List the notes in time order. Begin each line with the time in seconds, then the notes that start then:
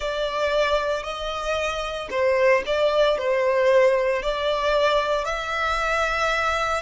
0.00 D5
1.02 D#5
2.10 C5
2.66 D5
3.18 C5
4.22 D5
5.24 E5